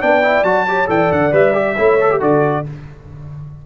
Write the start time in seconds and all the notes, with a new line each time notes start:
0.00 B3 D4 D5 G5
0.22 E4
0.43 F#3 F#4 A5
0.67 G4 C#5
0.86 E3 A4 D5 G5
1.11 D3 F#5
1.32 G3 B4 E5
1.53 G4
1.77 A3 E4 C#5
2.00 A4
2.10 G4
2.18 D3 F#4 A4 D5